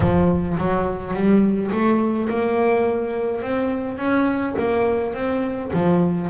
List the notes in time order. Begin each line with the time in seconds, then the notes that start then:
0.00 F3
0.57 F#3
1.13 G3
1.71 A3
2.29 A#3
3.42 C4
3.98 C#4
4.58 A#3
5.14 C4
5.73 F3